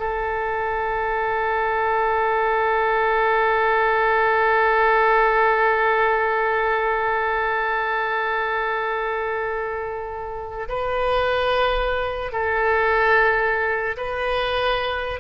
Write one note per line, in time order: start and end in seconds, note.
0.00 10.68 A4
10.69 12.33 B4
12.33 13.97 A4
13.97 15.20 B4